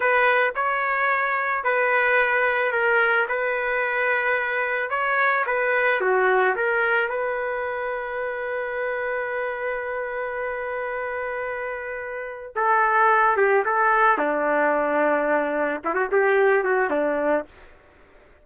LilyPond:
\new Staff \with { instrumentName = "trumpet" } { \time 4/4 \tempo 4 = 110 b'4 cis''2 b'4~ | b'4 ais'4 b'2~ | b'4 cis''4 b'4 fis'4 | ais'4 b'2.~ |
b'1~ | b'2. a'4~ | a'8 g'8 a'4 d'2~ | d'4 e'16 fis'16 g'4 fis'8 d'4 | }